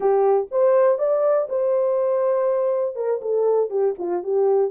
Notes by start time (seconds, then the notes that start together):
0.00 G4
0.51 C5
0.98 D5
1.49 C5
2.95 A#4
3.21 A4
3.70 G4
3.98 F4
4.23 G4